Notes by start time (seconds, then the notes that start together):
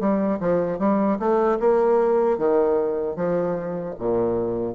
0.00 G3
0.40 F3
0.79 G3
1.19 A3
1.60 A#3
2.38 D#3
3.16 F3
3.99 A#2